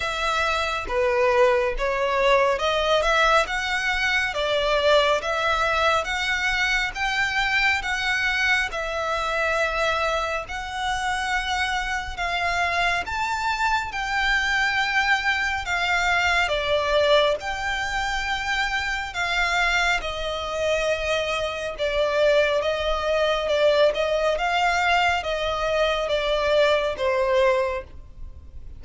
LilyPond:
\new Staff \with { instrumentName = "violin" } { \time 4/4 \tempo 4 = 69 e''4 b'4 cis''4 dis''8 e''8 | fis''4 d''4 e''4 fis''4 | g''4 fis''4 e''2 | fis''2 f''4 a''4 |
g''2 f''4 d''4 | g''2 f''4 dis''4~ | dis''4 d''4 dis''4 d''8 dis''8 | f''4 dis''4 d''4 c''4 | }